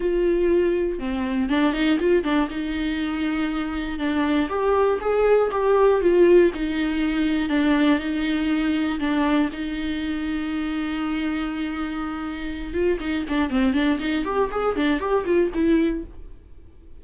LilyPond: \new Staff \with { instrumentName = "viola" } { \time 4/4 \tempo 4 = 120 f'2 c'4 d'8 dis'8 | f'8 d'8 dis'2. | d'4 g'4 gis'4 g'4 | f'4 dis'2 d'4 |
dis'2 d'4 dis'4~ | dis'1~ | dis'4. f'8 dis'8 d'8 c'8 d'8 | dis'8 g'8 gis'8 d'8 g'8 f'8 e'4 | }